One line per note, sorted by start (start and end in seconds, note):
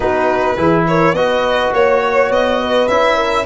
0.00 0.56 B3
0.00 0.57 D#4
0.00 0.58 F#4
0.00 0.84 B4
0.57 1.12 E3
0.57 1.15 E4
0.57 0.87 G#4
0.87 1.17 A#4
0.87 1.15 C#5
1.12 1.70 B3
1.12 2.89 F#4
1.12 1.74 B4
1.12 1.72 D#5
1.72 2.30 A#3
1.72 2.60 C#5
1.72 2.31 C#5
2.30 2.87 B3
2.30 2.88 D#5
2.60 3.16 B4
2.88 3.45 C#4
2.88 3.45 E4
2.88 3.45 E5
3.16 3.44 A#4